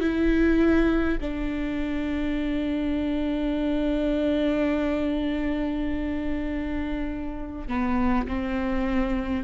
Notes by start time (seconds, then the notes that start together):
0.00 E4
1.21 D4
7.68 B3
8.28 C4